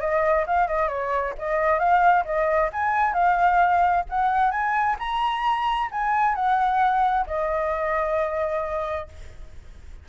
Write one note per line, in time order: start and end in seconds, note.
0.00 0.45 D#5
0.46 0.67 F5
0.67 0.88 D#5
0.88 1.34 C#5
1.38 1.79 D#5
1.79 2.24 F5
2.25 2.70 D#5
2.73 3.13 G#5
3.13 4.04 F5
4.09 4.51 F#5
4.51 4.96 G#5
4.99 5.90 A#5
5.91 6.35 G#5
6.35 7.26 F#5
7.27 9.08 D#5